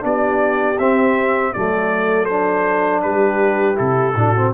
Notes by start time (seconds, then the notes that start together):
0.00 B3 D4 G4 D5
0.78 C4 E5
1.53 F#3 A3 A4 D5
2.25 D4 C5
3.02 G3 G4 B4
3.75 C3 E4 A4
4.15 A2 D4 F#4
4.36 C4